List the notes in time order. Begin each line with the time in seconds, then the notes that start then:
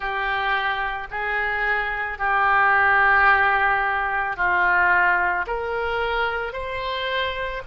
0.00 G4
1.10 G#4
2.18 G4
4.36 F4
5.46 A#4
6.53 C5